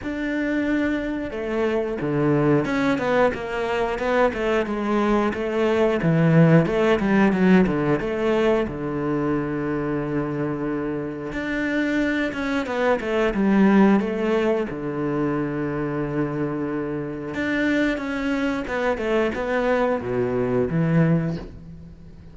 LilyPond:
\new Staff \with { instrumentName = "cello" } { \time 4/4 \tempo 4 = 90 d'2 a4 d4 | cis'8 b8 ais4 b8 a8 gis4 | a4 e4 a8 g8 fis8 d8 | a4 d2.~ |
d4 d'4. cis'8 b8 a8 | g4 a4 d2~ | d2 d'4 cis'4 | b8 a8 b4 b,4 e4 | }